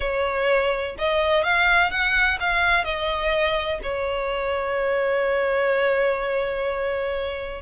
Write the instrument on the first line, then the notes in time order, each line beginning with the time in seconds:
violin
0.00 C#5
0.98 D#5
1.43 F5
1.90 F#5
2.40 F5
2.84 D#5
3.82 C#5